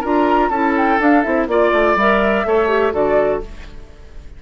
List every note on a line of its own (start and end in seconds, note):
0.00 0.49 D4
0.00 0.51 F4
0.00 0.48 A#4
0.06 0.50 A#5
0.49 0.98 C#4
0.49 0.99 E4
0.49 1.47 A4
0.49 0.74 A5
0.77 1.01 G5
0.99 1.24 D4
0.99 1.23 F5
1.23 1.47 C4
1.23 1.48 E4
1.23 1.47 E5
1.47 1.71 A#3
1.47 1.97 F4
1.47 1.97 D5
1.47 2.47 D5
1.72 1.95 A3
1.95 2.44 G3
1.95 2.45 A#4
1.95 2.94 E5
2.45 2.93 A3
2.45 2.68 A4
2.45 2.93 C#5
2.68 2.92 G4
2.92 3.41 D3
2.92 3.41 F#4
2.92 3.42 A4
2.92 3.42 D5